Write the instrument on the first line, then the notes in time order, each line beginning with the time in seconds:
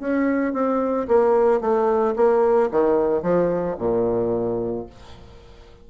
bassoon
0.00 C#4
0.54 C4
1.08 A#3
1.61 A3
2.16 A#3
2.71 D#3
3.23 F3
3.79 A#2